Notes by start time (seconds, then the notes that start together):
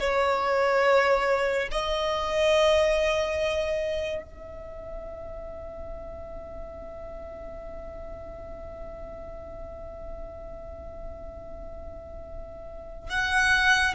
0.00 C#5
1.72 D#5
4.23 E5
13.10 F#5